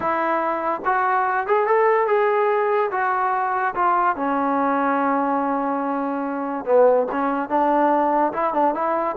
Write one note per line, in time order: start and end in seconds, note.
0.00 0.81 E4
0.85 1.46 F#4
1.46 1.66 G#4
1.66 2.07 A4
2.07 2.90 G#4
2.91 3.74 F#4
3.74 4.16 F4
4.16 6.65 C#4
6.65 7.06 B3
7.11 7.49 C#4
7.49 8.32 D4
8.32 8.53 E4
8.53 8.74 D4
8.74 9.16 E4